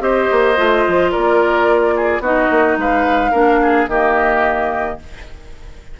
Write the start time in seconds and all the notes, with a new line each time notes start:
0.00 C4 G4 C5 D#5
0.31 A#3
0.57 A3 F4
0.87 F3
1.12 A#3 A#4 D5
1.96 G#4
2.20 B3 D#4 F#4 D#5
2.51 A#3
2.77 G#3 B4 F5
3.31 A#3 D4 A#4
3.62 G#4
3.87 D#3 A#3 G4 D#5